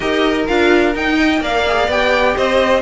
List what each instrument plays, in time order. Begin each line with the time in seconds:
0.00 cello D#4, viola G4, violin A#4 D#5
0.47 cello D4, viola F4, violin F5
0.93 viola D#4, cello D#4, violin G5
1.17 violin D#5
1.40 cello A#3, viola A#4, violin D5 F5
1.67 viola G#4
1.87 cello B3, viola G4, violin G5
2.35 cello C4, violin C5 D#5